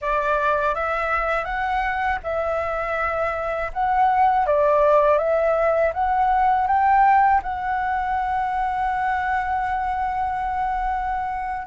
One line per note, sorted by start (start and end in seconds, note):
0.01 0.74 D5
0.74 1.44 E5
1.44 2.19 F#5
2.23 3.71 E5
3.73 4.46 F#5
4.46 5.18 D5
5.18 5.92 E5
5.93 6.67 F#5
6.67 7.41 G5
7.43 11.66 F#5